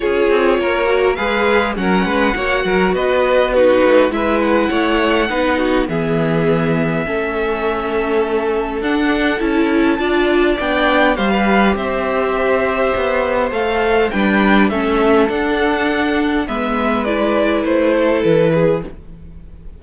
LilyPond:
<<
  \new Staff \with { instrumentName = "violin" } { \time 4/4 \tempo 4 = 102 cis''2 f''4 fis''4~ | fis''4 dis''4 b'4 e''8 fis''8~ | fis''2 e''2~ | e''2. fis''4 |
a''2 g''4 f''4 | e''2. f''4 | g''4 e''4 fis''2 | e''4 d''4 c''4 b'4 | }
  \new Staff \with { instrumentName = "violin" } { \time 4/4 gis'4 ais'4 b'4 ais'8 b'8 | cis''8 ais'8 b'4 fis'4 b'4 | cis''4 b'8 fis'8 gis'2 | a'1~ |
a'4 d''2 c''16 b'8. | c''1 | b'4 a'2. | b'2~ b'8 a'4 gis'8 | }
  \new Staff \with { instrumentName = "viola" } { \time 4/4 f'4. fis'8 gis'4 cis'4 | fis'2 dis'4 e'4~ | e'4 dis'4 b2 | cis'2. d'4 |
e'4 f'4 d'4 g'4~ | g'2. a'4 | d'4 cis'4 d'2 | b4 e'2. | }
  \new Staff \with { instrumentName = "cello" } { \time 4/4 cis'8 c'8 ais4 gis4 fis8 gis8 | ais8 fis8 b4. a8 gis4 | a4 b4 e2 | a2. d'4 |
cis'4 d'4 b4 g4 | c'2 b4 a4 | g4 a4 d'2 | gis2 a4 e4 | }
>>